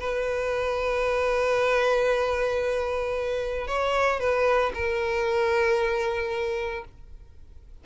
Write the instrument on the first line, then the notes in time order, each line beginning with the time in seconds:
violin
0.00 B4
3.67 C#5
4.20 B4
4.74 A#4